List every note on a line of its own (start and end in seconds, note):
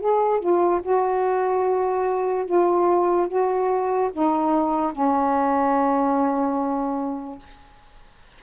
0.00 0.40 G#4
0.40 0.81 F4
0.82 2.45 F#4
2.45 3.28 F4
3.28 4.10 F#4
4.12 4.92 D#4
4.92 7.39 C#4